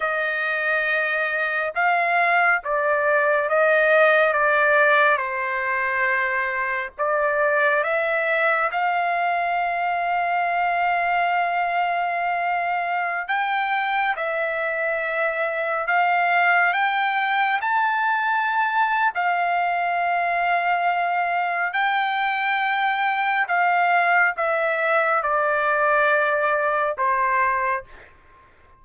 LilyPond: \new Staff \with { instrumentName = "trumpet" } { \time 4/4 \tempo 4 = 69 dis''2 f''4 d''4 | dis''4 d''4 c''2 | d''4 e''4 f''2~ | f''2.~ f''16 g''8.~ |
g''16 e''2 f''4 g''8.~ | g''16 a''4.~ a''16 f''2~ | f''4 g''2 f''4 | e''4 d''2 c''4 | }